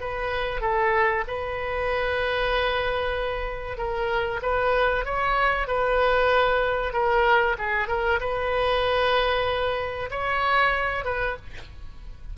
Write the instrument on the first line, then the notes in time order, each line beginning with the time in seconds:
oboe
0.00 B4
0.61 A4
1.27 B4
3.77 A#4
4.42 B4
5.05 C#5
5.68 B4
6.93 A#4
7.58 G#4
7.88 A#4
8.20 B4
10.11 C#5
11.05 B4